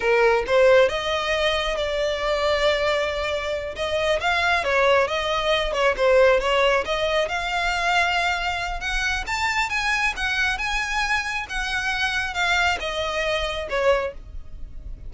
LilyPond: \new Staff \with { instrumentName = "violin" } { \time 4/4 \tempo 4 = 136 ais'4 c''4 dis''2 | d''1~ | d''8 dis''4 f''4 cis''4 dis''8~ | dis''4 cis''8 c''4 cis''4 dis''8~ |
dis''8 f''2.~ f''8 | fis''4 a''4 gis''4 fis''4 | gis''2 fis''2 | f''4 dis''2 cis''4 | }